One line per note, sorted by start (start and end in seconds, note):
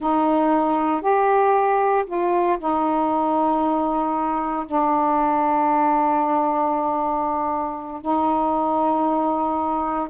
0.00 1.01 D#4
1.01 2.05 G4
2.06 2.58 F4
2.59 4.66 D#4
4.66 8.01 D4
8.01 10.08 D#4